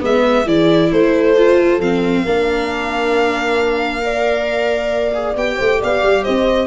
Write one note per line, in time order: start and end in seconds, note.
0.00 0.46 G#3
0.00 0.44 B3
0.00 0.45 B4
0.00 0.48 E5
0.45 0.90 E3
0.45 1.36 E4
0.45 0.89 G#4
0.45 0.92 D5
0.92 1.79 A3
0.92 2.24 A4
0.92 1.81 C5
1.37 1.81 F4
1.79 2.23 F3
1.79 2.25 C4
1.79 5.37 F5
2.24 5.36 A#3
2.24 4.02 D4
2.24 4.02 A#4
4.02 5.13 A#4
4.02 5.57 D5
5.14 5.36 G#4
5.36 5.58 B3
5.36 6.68 G4
5.36 5.82 G5
5.57 5.82 A3
5.57 5.79 C5
5.80 6.03 B3
5.80 6.24 D5
5.80 6.24 F5
6.03 6.25 G3
6.24 6.68 C4
6.24 6.68 C5
6.24 6.68 D#5